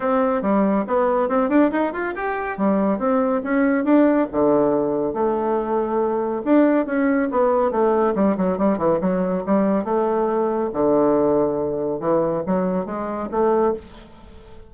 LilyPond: \new Staff \with { instrumentName = "bassoon" } { \time 4/4 \tempo 4 = 140 c'4 g4 b4 c'8 d'8 | dis'8 f'8 g'4 g4 c'4 | cis'4 d'4 d2 | a2. d'4 |
cis'4 b4 a4 g8 fis8 | g8 e8 fis4 g4 a4~ | a4 d2. | e4 fis4 gis4 a4 | }